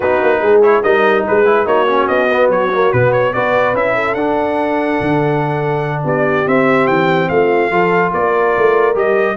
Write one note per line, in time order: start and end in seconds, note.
0.00 0.19 B3
0.00 0.62 D#4
0.00 0.40 F#4
0.00 0.61 B4
0.22 0.41 A#3
0.41 0.82 G#3
0.41 0.82 G#4
0.62 0.83 E4
0.62 0.82 C#5
0.82 1.25 G3
0.82 1.45 D#4
0.82 1.24 A#4
0.82 1.24 D#5
1.26 1.66 G#3
1.26 1.66 G#4
1.26 1.66 B4
1.45 1.66 E4
1.66 2.07 A#3
1.66 1.86 D#4
1.66 3.33 F#4
1.66 2.07 C#5
1.87 2.28 C#4
2.07 2.48 B3
2.07 2.49 D#5
2.30 2.72 B3
2.48 2.90 F#3
2.48 2.92 C#5
2.73 2.93 A#3
2.92 3.34 B2
2.92 3.34 B3
2.92 3.12 B4
3.12 3.33 C#5
3.33 3.73 B3
3.33 3.75 F#4
3.33 3.95 B4
3.33 3.75 D5
3.73 4.15 C#4
3.73 4.17 E4
3.73 4.14 E5
3.95 6.03 A4
4.14 4.98 D4
4.14 6.46 D4
4.14 6.02 F#5
5.00 6.04 D3
6.04 6.45 B3
6.04 7.29 G4
6.04 6.48 D5
6.46 7.71 C4
6.46 6.87 C4
6.46 6.87 E5
6.87 7.29 E3
6.87 7.28 G5
7.28 7.70 A3
7.28 7.71 F4
7.28 8.12 F5
7.70 8.12 F3
7.70 8.94 F4
7.70 8.11 A4
8.11 8.55 A#3
8.11 9.36 A#4
8.11 8.96 D5
8.57 8.95 A3
8.94 9.37 G3
8.94 9.36 G4
8.94 9.37 D#5